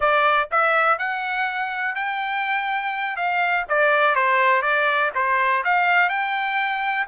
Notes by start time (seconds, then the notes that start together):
0.00 D5
0.51 E5
0.98 F#5
1.95 G5
3.16 F5
3.68 D5
4.15 C5
4.62 D5
5.14 C5
5.64 F5
6.09 G5